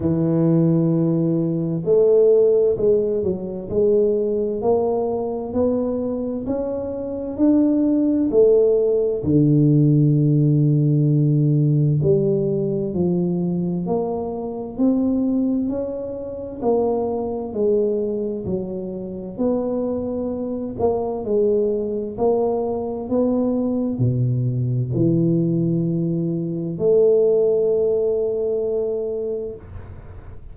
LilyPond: \new Staff \with { instrumentName = "tuba" } { \time 4/4 \tempo 4 = 65 e2 a4 gis8 fis8 | gis4 ais4 b4 cis'4 | d'4 a4 d2~ | d4 g4 f4 ais4 |
c'4 cis'4 ais4 gis4 | fis4 b4. ais8 gis4 | ais4 b4 b,4 e4~ | e4 a2. | }